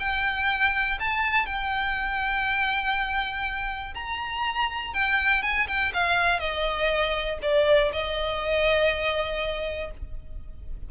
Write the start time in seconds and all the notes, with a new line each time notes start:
0.00 G5
1.00 A5
1.47 G5
3.95 A#5
4.94 G5
5.43 G#5
5.68 G5
5.94 F5
6.40 D#5
7.43 D5
7.93 D#5